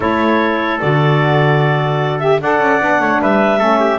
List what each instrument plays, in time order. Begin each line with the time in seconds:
0.00 double bass A3, saxophone E4, trumpet A4, clarinet C#5
0.80 double bass D3, saxophone F#4, clarinet D5
2.19 saxophone G4, clarinet E5
2.41 double bass D4, saxophone A4, trumpet D5, clarinet F#5
2.59 double bass C#4
2.80 double bass B3, saxophone D4
3.00 double bass A3, trumpet C#5
3.21 double bass G3, trumpet B4, clarinet E5
3.58 double bass A3, saxophone C#4, trumpet A4
3.79 trumpet G4